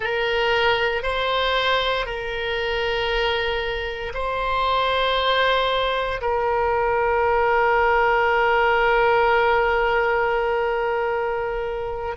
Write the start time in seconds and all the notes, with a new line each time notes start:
0.00 A#4
1.03 C5
2.05 A#4
4.14 C5
6.21 A#4